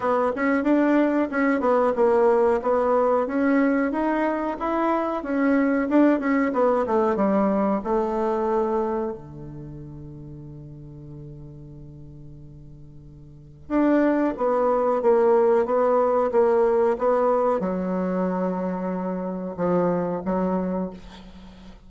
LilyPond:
\new Staff \with { instrumentName = "bassoon" } { \time 4/4 \tempo 4 = 92 b8 cis'8 d'4 cis'8 b8 ais4 | b4 cis'4 dis'4 e'4 | cis'4 d'8 cis'8 b8 a8 g4 | a2 d2~ |
d1~ | d4 d'4 b4 ais4 | b4 ais4 b4 fis4~ | fis2 f4 fis4 | }